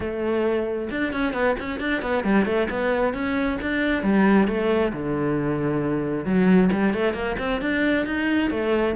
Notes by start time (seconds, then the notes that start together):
0.00 A3
0.90 D4
1.13 C#4
1.33 B3
1.59 C#4
1.80 D4
2.02 B3
2.23 G3
2.45 A3
2.69 B3
3.13 C#4
3.61 D4
4.02 G3
4.47 A3
4.93 D3
6.25 F#3
6.71 G3
6.93 A3
7.13 A#3
7.38 C4
7.61 D4
8.06 D#4
8.50 A3